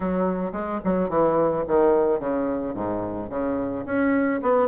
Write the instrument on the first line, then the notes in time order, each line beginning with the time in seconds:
bassoon
0.00 F#3
0.52 G#3
0.84 F#3
1.09 E3
1.67 D#3
2.19 C#3
2.74 G#2
3.29 C#3
3.85 C#4
4.42 B3